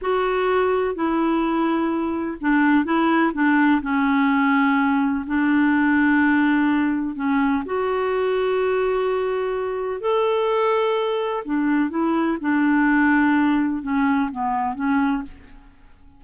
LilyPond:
\new Staff \with { instrumentName = "clarinet" } { \time 4/4 \tempo 4 = 126 fis'2 e'2~ | e'4 d'4 e'4 d'4 | cis'2. d'4~ | d'2. cis'4 |
fis'1~ | fis'4 a'2. | d'4 e'4 d'2~ | d'4 cis'4 b4 cis'4 | }